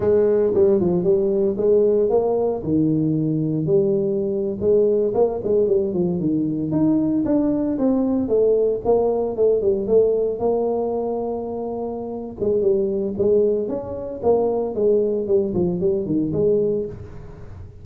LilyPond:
\new Staff \with { instrumentName = "tuba" } { \time 4/4 \tempo 4 = 114 gis4 g8 f8 g4 gis4 | ais4 dis2 g4~ | g8. gis4 ais8 gis8 g8 f8 dis16~ | dis8. dis'4 d'4 c'4 a16~ |
a8. ais4 a8 g8 a4 ais16~ | ais2.~ ais8 gis8 | g4 gis4 cis'4 ais4 | gis4 g8 f8 g8 dis8 gis4 | }